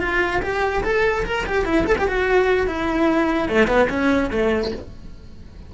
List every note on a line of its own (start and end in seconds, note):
0.00 0.41 F4
0.43 0.83 G4
0.84 1.25 A4
1.25 1.46 A#4
1.47 1.65 G4
1.65 1.86 E4
1.86 1.96 A4
1.98 2.08 G4
2.08 2.67 F#4
2.67 3.49 E4
3.49 3.68 A3
3.68 3.88 B3
3.90 4.30 C#4
4.31 4.72 A3